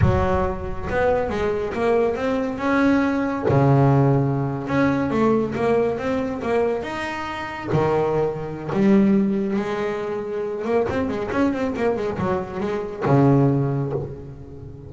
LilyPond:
\new Staff \with { instrumentName = "double bass" } { \time 4/4 \tempo 4 = 138 fis2 b4 gis4 | ais4 c'4 cis'2 | cis2~ cis8. cis'4 a16~ | a8. ais4 c'4 ais4 dis'16~ |
dis'4.~ dis'16 dis2~ dis16 | g2 gis2~ | gis8 ais8 c'8 gis8 cis'8 c'8 ais8 gis8 | fis4 gis4 cis2 | }